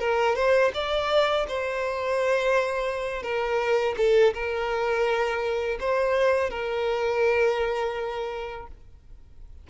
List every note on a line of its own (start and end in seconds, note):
0.00 0.36 A#4
0.36 0.72 C5
0.74 1.47 D5
1.48 3.23 C5
3.23 3.95 A#4
3.98 4.34 A4
4.34 5.79 A#4
5.80 6.50 C5
6.50 8.67 A#4